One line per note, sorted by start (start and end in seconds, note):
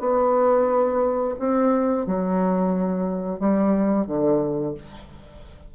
0.00 1.35 B3
1.39 2.07 C4
2.07 3.40 F#3
3.40 4.07 G3
4.07 4.74 D3